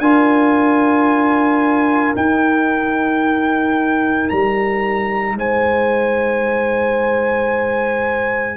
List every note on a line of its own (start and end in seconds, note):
0.00 2.14 D4
0.00 2.16 F4
0.00 5.37 A#4
0.00 2.15 G#5
2.16 8.57 D#4
2.16 4.31 D#4
2.16 4.30 G5
4.30 5.36 G3
4.30 5.37 A#5
5.36 8.57 G#3
5.36 8.57 C5
5.36 8.57 G#5